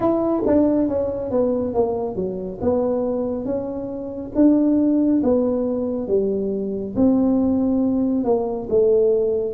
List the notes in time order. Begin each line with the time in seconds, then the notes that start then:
0.00 E4
0.46 D4
0.88 C#4
1.30 B3
1.74 A#3
2.15 F#3
2.61 B3
3.45 C#4
4.35 D4
5.23 B3
6.07 G3
6.96 C4
8.24 A#3
8.69 A3